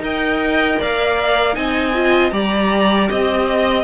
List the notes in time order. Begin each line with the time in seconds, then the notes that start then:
0.00 D#4 A#4 D#5 G5
0.79 A#3 D5 F5
1.53 C4 D#4 D#5 G#5
1.94 F4
2.30 G3 G4 D5 A#5
3.09 C4 D#5